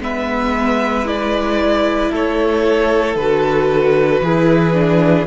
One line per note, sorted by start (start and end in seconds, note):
0.00 2.11 G#3
0.00 1.05 B3
0.00 2.11 B4
0.00 1.07 E5
1.05 3.16 E4
1.05 2.13 D5
2.11 3.16 A3
2.11 4.22 A4
2.11 3.16 C#5
3.16 4.21 D3
3.16 4.26 F#4
3.16 5.27 B4
4.21 5.27 E3
4.21 4.74 E4
4.21 5.27 G#4
4.74 5.27 D4